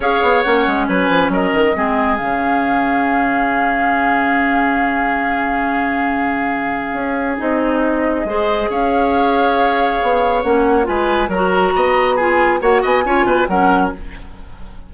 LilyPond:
<<
  \new Staff \with { instrumentName = "flute" } { \time 4/4 \tempo 4 = 138 f''4 fis''4 gis''4 dis''4~ | dis''4 f''2.~ | f''1~ | f''1~ |
f''4 dis''2. | f''1 | fis''4 gis''4 ais''2 | gis''4 fis''8 gis''4. fis''4 | }
  \new Staff \with { instrumentName = "oboe" } { \time 4/4 cis''2 b'4 ais'4 | gis'1~ | gis'1~ | gis'1~ |
gis'2. c''4 | cis''1~ | cis''4 b'4 ais'4 dis''4 | gis'4 cis''8 dis''8 cis''8 b'8 ais'4 | }
  \new Staff \with { instrumentName = "clarinet" } { \time 4/4 gis'4 cis'2. | c'4 cis'2.~ | cis'1~ | cis'1~ |
cis'4 dis'2 gis'4~ | gis'1 | cis'4 f'4 fis'2 | f'4 fis'4 f'4 cis'4 | }
  \new Staff \with { instrumentName = "bassoon" } { \time 4/4 cis'8 b8 ais8 gis8 fis8 f8 fis8 dis8 | gis4 cis2.~ | cis1~ | cis1 |
cis'4 c'2 gis4 | cis'2. b4 | ais4 gis4 fis4 b4~ | b4 ais8 b8 cis'8 b,8 fis4 | }
>>